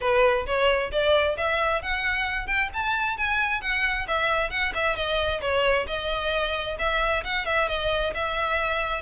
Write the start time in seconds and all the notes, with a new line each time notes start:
0.00 B4
0.46 C#5
0.91 D5
1.37 E5
1.81 F#5
2.46 G5
2.73 A5
3.17 G#5
3.61 F#5
4.07 E5
4.50 F#5
4.74 E5
4.95 D#5
5.41 C#5
5.87 D#5
6.78 E5
7.24 F#5
7.45 E5
7.68 D#5
8.14 E5